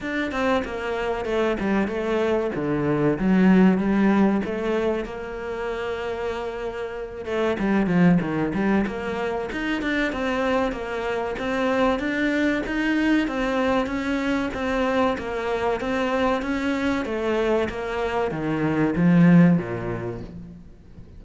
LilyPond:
\new Staff \with { instrumentName = "cello" } { \time 4/4 \tempo 4 = 95 d'8 c'8 ais4 a8 g8 a4 | d4 fis4 g4 a4 | ais2.~ ais8 a8 | g8 f8 dis8 g8 ais4 dis'8 d'8 |
c'4 ais4 c'4 d'4 | dis'4 c'4 cis'4 c'4 | ais4 c'4 cis'4 a4 | ais4 dis4 f4 ais,4 | }